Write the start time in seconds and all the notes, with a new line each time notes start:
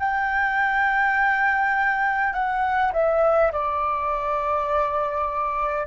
0.00 G5
2.34 F#5
2.94 E5
3.52 D5